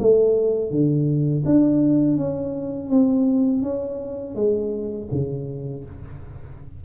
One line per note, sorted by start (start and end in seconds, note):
0.00 0.71 A3
0.71 1.44 D3
1.45 2.17 D4
2.17 2.90 C#4
2.90 3.63 C4
3.63 4.35 C#4
4.35 5.08 G#3
5.12 5.85 C#3